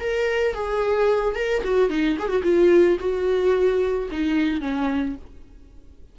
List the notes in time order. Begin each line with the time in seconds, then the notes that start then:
0.00 A#4
0.54 G#4
1.35 A#4
1.64 F#4
1.90 D#4
2.19 G#4
2.28 F#4
2.43 F4
3.00 F#4
4.11 D#4
4.61 C#4